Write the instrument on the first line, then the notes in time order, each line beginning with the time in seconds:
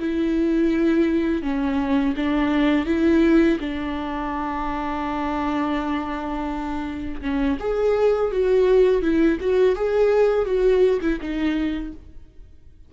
viola
0.00 E4
1.43 C#4
2.17 D4
2.87 E4
3.60 D4
7.22 C#4
7.60 G#4
8.32 F#4
9.03 E4
9.41 F#4
9.76 G#4
10.46 F#4
11.02 E4
11.21 D#4